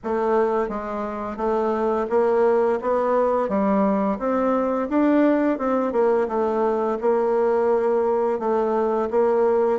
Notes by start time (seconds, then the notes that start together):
0.03 A3
0.68 G#3
1.36 A3
2.09 A#3
2.81 B3
3.49 G3
4.18 C4
4.89 D4
5.58 C4
5.92 A#3
6.28 A3
7.01 A#3
8.39 A3
9.10 A#3